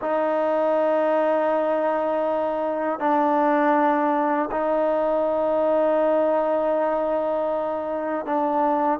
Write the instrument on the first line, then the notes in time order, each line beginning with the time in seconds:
trombone
0.01 D#4
2.99 D4
4.51 D#4
8.25 D4